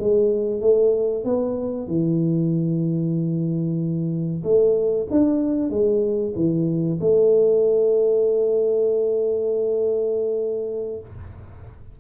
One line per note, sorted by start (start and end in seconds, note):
0.00 0.61 G#3
0.61 1.24 A3
1.24 1.88 B3
1.88 4.43 E3
4.44 5.08 A3
5.11 5.70 D4
5.70 6.34 G#3
6.36 7.00 E3
7.01 11.00 A3